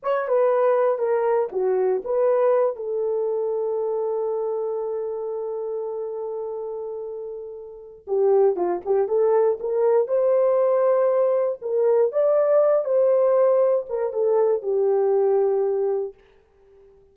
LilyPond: \new Staff \with { instrumentName = "horn" } { \time 4/4 \tempo 4 = 119 cis''8 b'4. ais'4 fis'4 | b'4. a'2~ a'8~ | a'1~ | a'1 |
g'4 f'8 g'8 a'4 ais'4 | c''2. ais'4 | d''4. c''2 ais'8 | a'4 g'2. | }